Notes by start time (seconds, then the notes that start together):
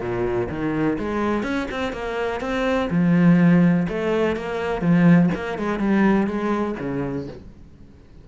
0.00 A#2
0.49 D#3
0.99 G#3
1.43 C#4
1.71 C4
1.92 A#3
2.40 C4
2.90 F3
3.88 A3
4.36 A#3
4.81 F3
5.34 A#3
5.58 G#3
5.79 G3
6.27 G#3
6.79 C#3